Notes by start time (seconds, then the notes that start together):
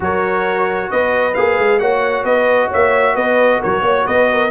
0.00 F#3 F#4 A#4 C#5
0.90 B3 B4 D#5
1.34 A#3 G#4 F5
1.58 G#3
1.79 A#3 F#4 C#5 F#5
2.24 B3 B4 D#5
2.68 A#3 C#5 E5
3.14 B3 B4 D#5
3.60 F#3 A#4 C#5
3.81 A#3 C#5
4.06 B3 B4 D#5
4.31 A#4